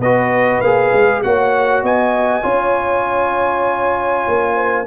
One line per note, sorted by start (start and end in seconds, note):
0.00 0.61 B3
0.00 0.65 F#4
0.00 1.23 B4
0.00 0.61 D#5
0.61 0.91 A#3
0.61 1.24 G#4
0.61 1.22 F5
0.94 1.24 G#3
1.23 1.83 A#3
1.23 2.43 F#4
1.23 1.84 C#5
1.23 1.84 F#5
1.83 2.44 B3
1.83 2.44 D#5
1.83 4.87 G#5
2.43 4.26 C#4
2.43 4.86 F4
2.43 4.56 C#5
4.28 4.87 A#3
4.56 4.86 C5